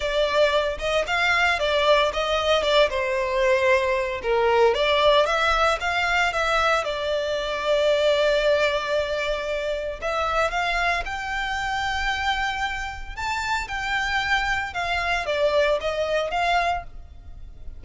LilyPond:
\new Staff \with { instrumentName = "violin" } { \time 4/4 \tempo 4 = 114 d''4. dis''8 f''4 d''4 | dis''4 d''8 c''2~ c''8 | ais'4 d''4 e''4 f''4 | e''4 d''2.~ |
d''2. e''4 | f''4 g''2.~ | g''4 a''4 g''2 | f''4 d''4 dis''4 f''4 | }